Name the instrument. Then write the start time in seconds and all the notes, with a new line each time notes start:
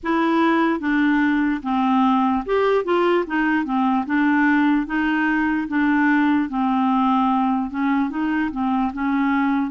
clarinet
0.03 E4
0.80 D4
1.63 C4
2.45 G4
2.84 F4
3.27 D#4
3.64 C4
4.05 D4
4.86 D#4
5.68 D4
6.49 C4
7.70 C#4
8.10 D#4
8.51 C4
8.93 C#4